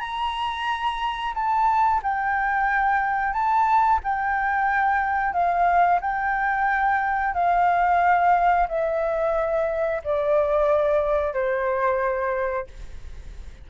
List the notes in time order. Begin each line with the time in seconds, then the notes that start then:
0.00 A#5
1.34 A5
2.03 G5
3.33 A5
4.03 G5
5.33 F5
6.01 G5
7.34 F5
8.68 E5
10.04 D5
11.33 C5